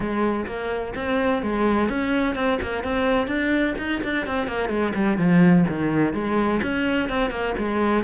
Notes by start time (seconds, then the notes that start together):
0.00 G#3
0.46 A#3
0.95 C4
1.42 G#3
1.89 C#4
2.35 C4
2.62 A#3
2.83 C4
3.27 D4
3.78 D#4
4.03 D4
4.26 C4
4.47 A#3
4.69 G#3
4.95 G3
5.17 F3
5.68 D#3
6.13 G#3
6.62 C#4
7.09 C4
7.30 A#3
7.58 G#3